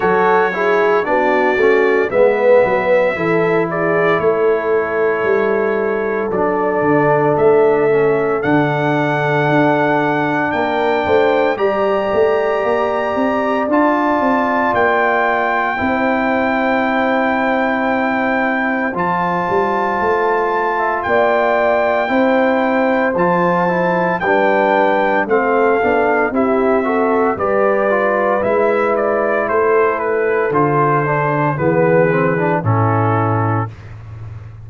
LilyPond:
<<
  \new Staff \with { instrumentName = "trumpet" } { \time 4/4 \tempo 4 = 57 cis''4 d''4 e''4. d''8 | cis''2 d''4 e''4 | fis''2 g''4 ais''4~ | ais''4 a''4 g''2~ |
g''2 a''2 | g''2 a''4 g''4 | f''4 e''4 d''4 e''8 d''8 | c''8 b'8 c''4 b'4 a'4 | }
  \new Staff \with { instrumentName = "horn" } { \time 4/4 a'8 gis'8 fis'4 b'4 a'8 gis'8 | a'1~ | a'2 ais'8 c''8 d''4~ | d''2. c''4~ |
c''2.~ c''8. e''16 | d''4 c''2 b'4 | a'4 g'8 a'8 b'2 | a'2 gis'4 e'4 | }
  \new Staff \with { instrumentName = "trombone" } { \time 4/4 fis'8 e'8 d'8 cis'8 b4 e'4~ | e'2 d'4. cis'8 | d'2. g'4~ | g'4 f'2 e'4~ |
e'2 f'2~ | f'4 e'4 f'8 e'8 d'4 | c'8 d'8 e'8 fis'8 g'8 f'8 e'4~ | e'4 f'8 d'8 b8 c'16 d'16 cis'4 | }
  \new Staff \with { instrumentName = "tuba" } { \time 4/4 fis4 b8 a8 gis8 fis8 e4 | a4 g4 fis8 d8 a4 | d4 d'4 ais8 a8 g8 a8 | ais8 c'8 d'8 c'8 ais4 c'4~ |
c'2 f8 g8 a4 | ais4 c'4 f4 g4 | a8 b8 c'4 g4 gis4 | a4 d4 e4 a,4 | }
>>